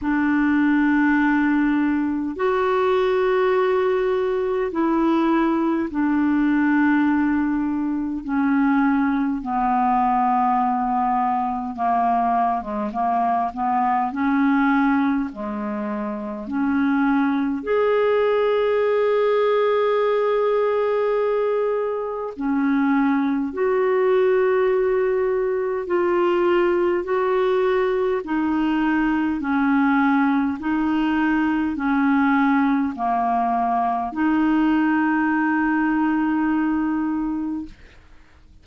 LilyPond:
\new Staff \with { instrumentName = "clarinet" } { \time 4/4 \tempo 4 = 51 d'2 fis'2 | e'4 d'2 cis'4 | b2 ais8. gis16 ais8 b8 | cis'4 gis4 cis'4 gis'4~ |
gis'2. cis'4 | fis'2 f'4 fis'4 | dis'4 cis'4 dis'4 cis'4 | ais4 dis'2. | }